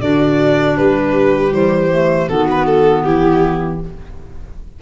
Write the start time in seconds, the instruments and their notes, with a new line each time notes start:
0.00 tuba D3, clarinet D4, viola F#4, violin D5
0.76 tuba G3, viola G4, violin B4
1.50 tuba E3, clarinet G3, violin C5
1.91 clarinet A3
2.28 tuba D#3, clarinet B3, viola F#4, violin A4
2.50 violin B4
2.65 violin A4
3.03 tuba E3, viola E4, violin G4